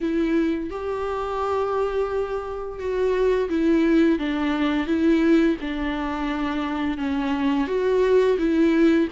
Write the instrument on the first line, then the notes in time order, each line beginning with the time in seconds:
viola
0.01 E4
0.69 G4
2.79 F#4
3.49 E4
4.18 D4
4.86 E4
5.60 D4
6.97 C#4
7.67 F#4
8.38 E4